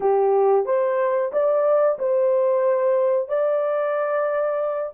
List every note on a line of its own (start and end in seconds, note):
0.00 0.65 G4
0.65 1.31 C5
1.32 1.98 D5
1.98 3.28 C5
3.28 4.93 D5